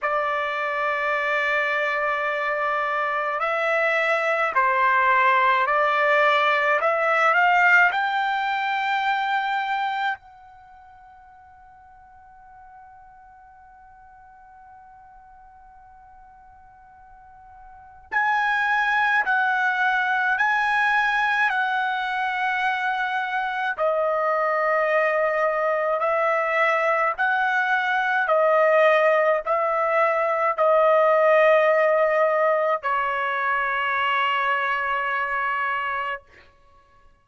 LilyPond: \new Staff \with { instrumentName = "trumpet" } { \time 4/4 \tempo 4 = 53 d''2. e''4 | c''4 d''4 e''8 f''8 g''4~ | g''4 fis''2.~ | fis''1 |
gis''4 fis''4 gis''4 fis''4~ | fis''4 dis''2 e''4 | fis''4 dis''4 e''4 dis''4~ | dis''4 cis''2. | }